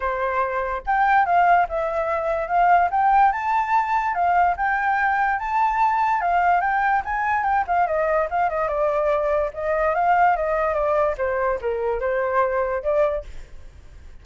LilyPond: \new Staff \with { instrumentName = "flute" } { \time 4/4 \tempo 4 = 145 c''2 g''4 f''4 | e''2 f''4 g''4 | a''2 f''4 g''4~ | g''4 a''2 f''4 |
g''4 gis''4 g''8 f''8 dis''4 | f''8 dis''8 d''2 dis''4 | f''4 dis''4 d''4 c''4 | ais'4 c''2 d''4 | }